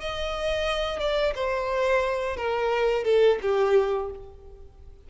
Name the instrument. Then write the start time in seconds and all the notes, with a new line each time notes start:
violin
0.00 D#5
0.99 D5
1.35 C5
2.36 A#4
3.04 A4
3.42 G4